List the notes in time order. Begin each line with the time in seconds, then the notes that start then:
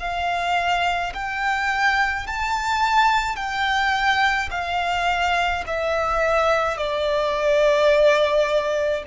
0.00 F5
1.14 G5
2.27 A5
3.37 G5
4.51 F5
5.67 E5
6.78 D5